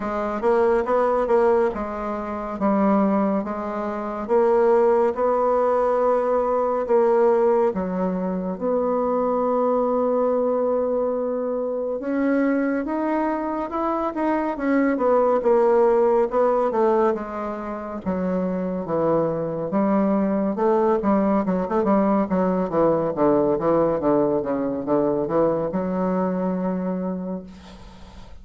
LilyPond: \new Staff \with { instrumentName = "bassoon" } { \time 4/4 \tempo 4 = 70 gis8 ais8 b8 ais8 gis4 g4 | gis4 ais4 b2 | ais4 fis4 b2~ | b2 cis'4 dis'4 |
e'8 dis'8 cis'8 b8 ais4 b8 a8 | gis4 fis4 e4 g4 | a8 g8 fis16 a16 g8 fis8 e8 d8 e8 | d8 cis8 d8 e8 fis2 | }